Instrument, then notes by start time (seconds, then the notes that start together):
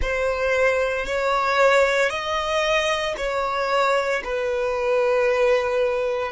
violin
0.01 C5
1.06 C#5
2.09 D#5
3.17 C#5
4.23 B4